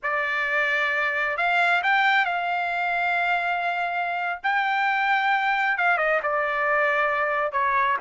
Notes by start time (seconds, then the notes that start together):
0.02 D5
1.37 F5
1.83 G5
2.25 F5
4.43 G5
5.77 F5
5.97 D#5
6.22 D5
7.52 C#5